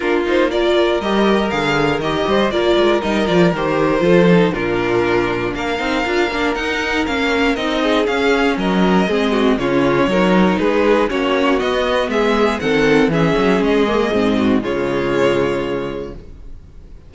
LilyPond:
<<
  \new Staff \with { instrumentName = "violin" } { \time 4/4 \tempo 4 = 119 ais'8 c''8 d''4 dis''4 f''4 | dis''4 d''4 dis''8 d''8 c''4~ | c''4 ais'2 f''4~ | f''4 fis''4 f''4 dis''4 |
f''4 dis''2 cis''4~ | cis''4 b'4 cis''4 dis''4 | e''4 fis''4 e''4 dis''4~ | dis''4 cis''2. | }
  \new Staff \with { instrumentName = "violin" } { \time 4/4 f'4 ais'2.~ | ais'8 c''8 ais'2. | a'4 f'2 ais'4~ | ais'2.~ ais'8 gis'8~ |
gis'4 ais'4 gis'8 fis'8 f'4 | ais'4 gis'4 fis'2 | gis'4 a'4 gis'2~ | gis'8 fis'8 f'2. | }
  \new Staff \with { instrumentName = "viola" } { \time 4/4 d'8 dis'8 f'4 g'4 gis'4 | g'4 f'4 dis'8 f'8 g'4 | f'8 dis'8 d'2~ d'8 dis'8 | f'8 d'8 dis'4 cis'4 dis'4 |
cis'2 c'4 cis'4 | dis'2 cis'4 b4~ | b4 c'4 cis'4. ais8 | c'4 gis2. | }
  \new Staff \with { instrumentName = "cello" } { \time 4/4 ais2 g4 d4 | dis8 g8 ais8 gis8 g8 f8 dis4 | f4 ais,2 ais8 c'8 | d'8 ais8 dis'4 ais4 c'4 |
cis'4 fis4 gis4 cis4 | fis4 gis4 ais4 b4 | gis4 dis4 e8 fis8 gis4 | gis,4 cis2. | }
>>